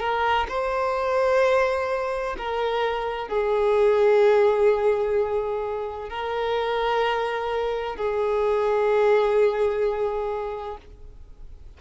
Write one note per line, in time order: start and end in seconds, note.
0.00 0.47 A#4
0.49 2.37 C5
2.39 3.29 A#4
3.29 6.10 G#4
6.10 7.96 A#4
7.96 10.78 G#4